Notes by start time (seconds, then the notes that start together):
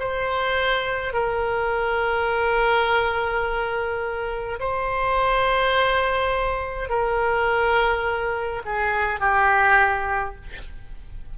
0.00 C5
1.13 A#4
4.60 C5
6.90 A#4
8.65 G#4
9.20 G4